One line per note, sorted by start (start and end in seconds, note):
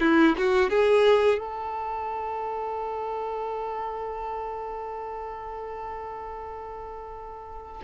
0.00 0.36 E4
0.37 0.69 F#4
0.69 1.39 G#4
1.39 7.81 A4